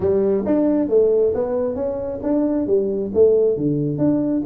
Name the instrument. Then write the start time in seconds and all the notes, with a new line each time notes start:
tuba
0.00 G3
0.45 D4
0.88 A3
1.34 B3
1.75 C#4
2.22 D4
2.66 G3
3.14 A3
3.56 D3
3.97 D4